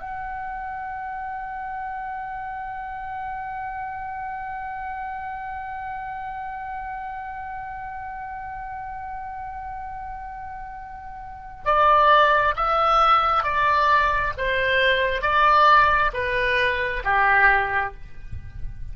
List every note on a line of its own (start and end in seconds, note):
0.00 11.64 F#5
11.65 12.55 D5
12.56 13.43 E5
13.43 14.33 D5
14.37 15.22 C5
15.22 16.12 D5
16.14 17.03 B4
17.04 17.94 G4